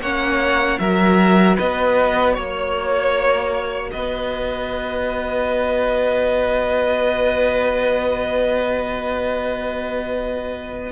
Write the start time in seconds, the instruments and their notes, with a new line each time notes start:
0.00 cello A#3, viola C#4, violin C#5 F#5
0.79 cello F#3, viola F#4, violin A#4 E5
1.56 cello B3, violin B4 D#5
2.34 cello A#3, violin C#5
3.91 cello B3, violin B4 D#5